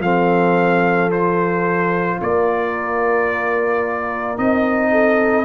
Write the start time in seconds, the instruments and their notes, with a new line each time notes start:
0.00 tuba F3, trombone C4, horn A4, trumpet F5
1.11 trombone F4, trumpet C5
2.20 tuba A#3, horn A#4, trumpet D5
4.37 tuba C4, trombone D#4, trumpet D#5
4.91 horn A4